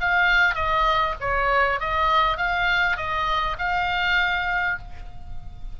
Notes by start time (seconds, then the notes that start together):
0.00 F5
0.54 D#5
1.20 C#5
1.80 D#5
2.37 F5
2.96 D#5
3.58 F5